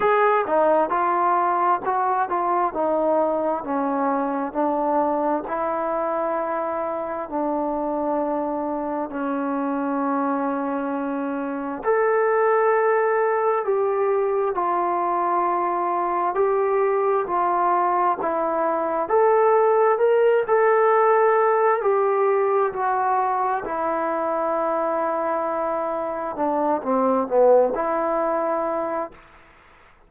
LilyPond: \new Staff \with { instrumentName = "trombone" } { \time 4/4 \tempo 4 = 66 gis'8 dis'8 f'4 fis'8 f'8 dis'4 | cis'4 d'4 e'2 | d'2 cis'2~ | cis'4 a'2 g'4 |
f'2 g'4 f'4 | e'4 a'4 ais'8 a'4. | g'4 fis'4 e'2~ | e'4 d'8 c'8 b8 e'4. | }